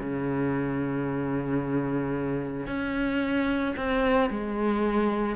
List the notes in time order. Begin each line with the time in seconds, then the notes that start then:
0.00 C#3
2.67 C#4
3.77 C4
4.30 G#3